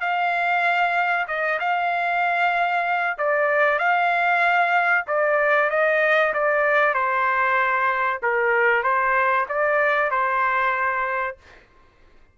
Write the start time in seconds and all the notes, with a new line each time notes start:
0.00 F5
1.27 D#5
1.59 F5
3.18 D5
3.79 F5
5.07 D5
5.70 D#5
6.33 D5
6.94 C5
8.22 A#4
8.83 C5
9.49 D5
10.11 C5